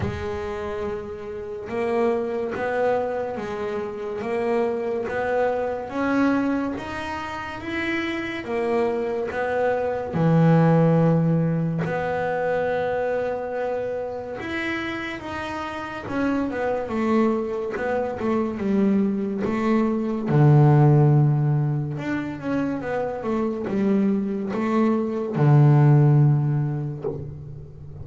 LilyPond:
\new Staff \with { instrumentName = "double bass" } { \time 4/4 \tempo 4 = 71 gis2 ais4 b4 | gis4 ais4 b4 cis'4 | dis'4 e'4 ais4 b4 | e2 b2~ |
b4 e'4 dis'4 cis'8 b8 | a4 b8 a8 g4 a4 | d2 d'8 cis'8 b8 a8 | g4 a4 d2 | }